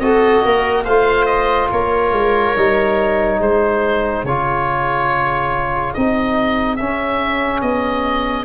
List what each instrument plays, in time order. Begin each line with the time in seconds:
0.00 tuba C4, trombone F#4, viola A4, oboe D#5
0.45 tuba A#3, viola A#4
0.85 tuba A3, trombone F4, viola C5, oboe F5
1.26 oboe D#5
1.72 tuba A#3, viola A#4, oboe C#5
2.12 tuba G#3
2.57 tuba G3, trombone D#4
3.39 tuba G#3, viola G#4, oboe C5
4.24 tuba C#3, trombone F4, oboe C#5
5.94 tuba C4, trombone D#4, oboe D#5
6.77 trombone C#4, tuba C#4, oboe E5
7.62 tuba B3, oboe D#5